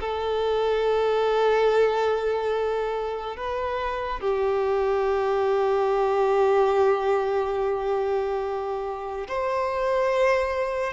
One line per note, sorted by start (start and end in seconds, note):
0.00 3.37 A4
3.37 4.20 B4
4.20 9.27 G4
9.28 10.93 C5